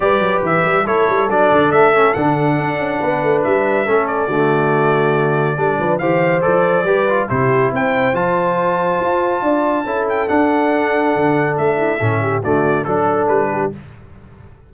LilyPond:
<<
  \new Staff \with { instrumentName = "trumpet" } { \time 4/4 \tempo 4 = 140 d''4 e''4 cis''4 d''4 | e''4 fis''2. | e''4. d''2~ d''8~ | d''2 f''4 d''4~ |
d''4 c''4 g''4 a''4~ | a''2.~ a''8 g''8 | fis''2. e''4~ | e''4 d''4 a'4 b'4 | }
  \new Staff \with { instrumentName = "horn" } { \time 4/4 b'2 a'2~ | a'2. b'4~ | b'4 a'4 fis'2~ | fis'4 a'8 b'8 c''2 |
b'4 g'4 c''2~ | c''2 d''4 a'4~ | a'2.~ a'8 e'8 | a'8 g'8 fis'4 a'4. g'8 | }
  \new Staff \with { instrumentName = "trombone" } { \time 4/4 g'2 e'4 d'4~ | d'8 cis'8 d'2.~ | d'4 cis'4 a2~ | a4 d'4 g'4 a'4 |
g'8 f'8 e'2 f'4~ | f'2. e'4 | d'1 | cis'4 a4 d'2 | }
  \new Staff \with { instrumentName = "tuba" } { \time 4/4 g8 fis8 e8 g8 a8 g8 fis8 d8 | a4 d4 d'8 cis'8 b8 a8 | g4 a4 d2~ | d4 g8 f8 e4 f4 |
g4 c4 c'4 f4~ | f4 f'4 d'4 cis'4 | d'2 d4 a4 | a,4 d4 fis4 g4 | }
>>